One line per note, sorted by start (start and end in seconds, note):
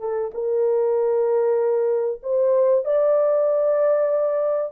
0.00 0.31 A4
0.34 2.21 A#4
2.23 2.85 C5
2.85 4.72 D5